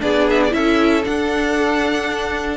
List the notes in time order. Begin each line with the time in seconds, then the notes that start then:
0.00 B3 D4 G#4 D5
0.30 E5
0.44 E4 D5
0.53 C#4 A4 E5
1.04 D4 F#5